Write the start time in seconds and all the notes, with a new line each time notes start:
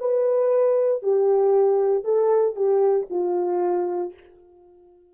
0.00 B4
1.03 G4
2.04 A4
2.56 G4
3.10 F4